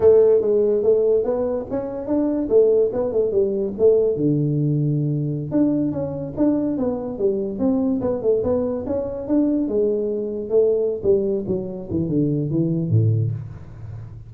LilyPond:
\new Staff \with { instrumentName = "tuba" } { \time 4/4 \tempo 4 = 144 a4 gis4 a4 b4 | cis'4 d'4 a4 b8 a8 | g4 a4 d2~ | d4~ d16 d'4 cis'4 d'8.~ |
d'16 b4 g4 c'4 b8 a16~ | a16 b4 cis'4 d'4 gis8.~ | gis4~ gis16 a4~ a16 g4 fis8~ | fis8 e8 d4 e4 a,4 | }